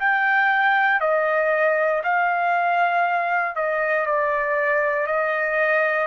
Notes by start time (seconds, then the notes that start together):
0.00 G5
1.01 D#5
2.04 F5
3.56 D#5
4.07 D5
5.08 D#5